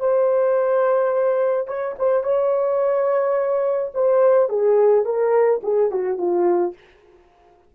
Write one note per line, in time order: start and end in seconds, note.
0.00 1.68 C5
1.68 1.96 C#5
1.99 2.24 C5
2.24 3.92 C#5
3.95 4.49 C5
4.49 5.05 G#4
5.05 5.61 A#4
5.63 5.91 G#4
5.91 6.18 F#4
6.18 6.74 F4